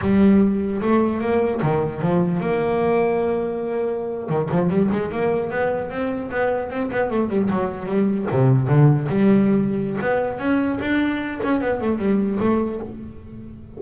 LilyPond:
\new Staff \with { instrumentName = "double bass" } { \time 4/4 \tempo 4 = 150 g2 a4 ais4 | dis4 f4 ais2~ | ais2~ ais8. dis8 f8 g16~ | g16 gis8 ais4 b4 c'4 b16~ |
b8. c'8 b8 a8 g8 fis4 g16~ | g8. c4 d4 g4~ g16~ | g4 b4 cis'4 d'4~ | d'8 cis'8 b8 a8 g4 a4 | }